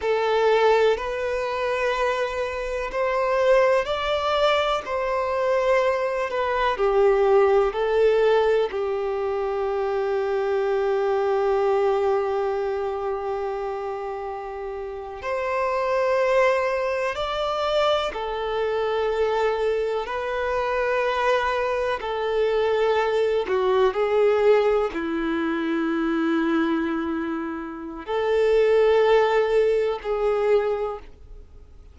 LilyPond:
\new Staff \with { instrumentName = "violin" } { \time 4/4 \tempo 4 = 62 a'4 b'2 c''4 | d''4 c''4. b'8 g'4 | a'4 g'2.~ | g'2.~ g'8. c''16~ |
c''4.~ c''16 d''4 a'4~ a'16~ | a'8. b'2 a'4~ a'16~ | a'16 fis'8 gis'4 e'2~ e'16~ | e'4 a'2 gis'4 | }